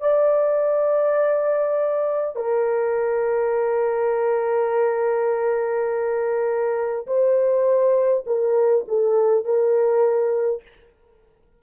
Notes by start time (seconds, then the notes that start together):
0.00 D5
2.35 A#4
7.07 C5
8.26 A#4
8.88 A4
9.45 A#4